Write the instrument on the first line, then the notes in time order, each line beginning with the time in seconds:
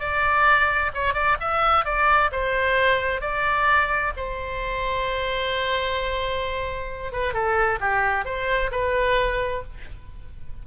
oboe
0.00 D5
0.95 C#5
1.14 D5
1.41 E5
1.85 D5
2.32 C5
3.21 D5
4.17 C5
7.12 B4
7.34 A4
7.80 G4
8.25 C5
8.72 B4